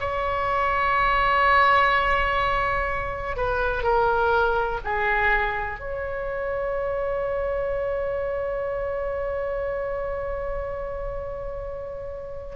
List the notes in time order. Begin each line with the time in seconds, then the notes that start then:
0.00 C#5
3.37 B4
3.83 A#4
4.84 G#4
5.80 C#5